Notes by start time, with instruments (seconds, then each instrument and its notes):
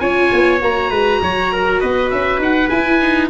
0.00 tuba C#4, viola F4, trumpet C#5, oboe G#5
0.33 tuba B3
0.60 tuba A#3, viola F#4, oboe A#5
0.91 tuba G#3, trumpet B4
1.22 tuba F#3, trumpet C#5
1.53 trumpet A#4
1.81 tuba B3, trumpet B4, oboe D#5
2.11 tuba C#4, oboe E5
2.39 tuba D#4, oboe F#5
2.69 viola E4, tuba E4, oboe G#5
3.01 viola D#4